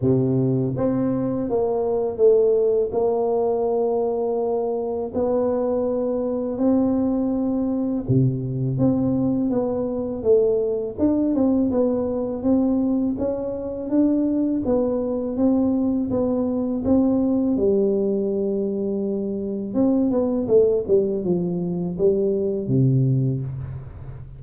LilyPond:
\new Staff \with { instrumentName = "tuba" } { \time 4/4 \tempo 4 = 82 c4 c'4 ais4 a4 | ais2. b4~ | b4 c'2 c4 | c'4 b4 a4 d'8 c'8 |
b4 c'4 cis'4 d'4 | b4 c'4 b4 c'4 | g2. c'8 b8 | a8 g8 f4 g4 c4 | }